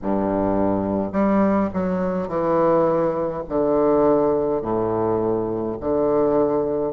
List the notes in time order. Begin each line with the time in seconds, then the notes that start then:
0.02 G2
1.12 G3
1.73 F#3
2.28 E3
3.49 D3
4.61 A2
5.80 D3